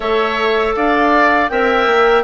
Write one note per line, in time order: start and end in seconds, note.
0.00 0.74 A3
0.00 1.48 A4
0.00 0.75 C#5
0.00 0.75 E5
0.75 1.50 D4
0.75 1.51 D5
0.75 1.48 F5
1.48 1.86 C4
1.48 2.23 A#4
1.48 2.23 E5
1.48 2.23 G5
1.86 2.23 A#3